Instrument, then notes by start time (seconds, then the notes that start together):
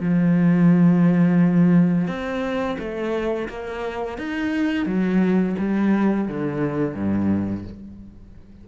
cello
0.00 F3
2.07 C4
2.78 A3
3.49 A#3
4.18 D#4
4.86 F#3
5.58 G3
6.28 D3
6.95 G2